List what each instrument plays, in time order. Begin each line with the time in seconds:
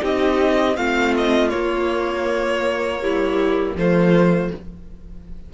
0.00 cello C4, viola D#4, violin G4 D#5
0.77 cello A3, viola C4, violin F4 F5
1.17 violin D#5
1.49 viola A#3, cello A#3, violin C#5
3.02 viola G3, violin E4
3.75 cello F3, viola A3, violin F4 C5